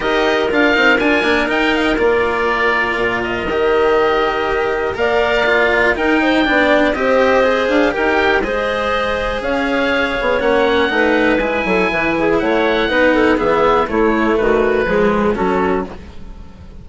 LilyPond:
<<
  \new Staff \with { instrumentName = "oboe" } { \time 4/4 \tempo 4 = 121 dis''4 f''4 gis''4 g''8 f''16 g''16 | d''2~ d''8 dis''4.~ | dis''2 f''2 | g''2 dis''4. f''8 |
g''4 dis''2 f''4~ | f''4 fis''2 gis''4~ | gis''4 fis''2 e''4 | cis''4 b'2 a'4 | }
  \new Staff \with { instrumentName = "clarinet" } { \time 4/4 ais'1~ | ais'1~ | ais'2 d''2 | ais'8 c''8 d''4 c''2 |
ais'4 c''2 cis''4~ | cis''2 b'4. a'8 | b'8 gis'8 cis''4 b'8 a'8 gis'4 | e'4 fis'4 gis'4 fis'4 | }
  \new Staff \with { instrumentName = "cello" } { \time 4/4 g'4 f'8 dis'8 f'8 d'8 dis'4 | f'2. g'4~ | g'2 ais'4 f'4 | dis'4 d'4 g'4 gis'4 |
g'4 gis'2.~ | gis'4 cis'4 dis'4 e'4~ | e'2 dis'4 b4 | a2 gis4 cis'4 | }
  \new Staff \with { instrumentName = "bassoon" } { \time 4/4 dis'4 d'8 c'8 d'8 ais8 dis'4 | ais2 ais,4 dis4~ | dis2 ais2 | dis'4 b4 c'4. d'8 |
dis'4 gis2 cis'4~ | cis'8 b8 ais4 a4 gis8 fis8 | e4 a4 b4 e4 | a4 dis4 f4 fis4 | }
>>